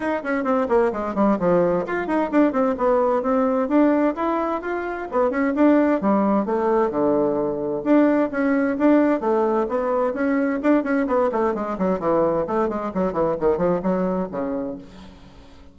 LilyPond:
\new Staff \with { instrumentName = "bassoon" } { \time 4/4 \tempo 4 = 130 dis'8 cis'8 c'8 ais8 gis8 g8 f4 | f'8 dis'8 d'8 c'8 b4 c'4 | d'4 e'4 f'4 b8 cis'8 | d'4 g4 a4 d4~ |
d4 d'4 cis'4 d'4 | a4 b4 cis'4 d'8 cis'8 | b8 a8 gis8 fis8 e4 a8 gis8 | fis8 e8 dis8 f8 fis4 cis4 | }